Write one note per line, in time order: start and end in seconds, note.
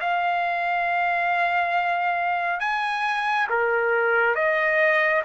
0.00 2.60 F5
2.60 3.47 G#5
3.49 4.35 A#4
4.35 5.22 D#5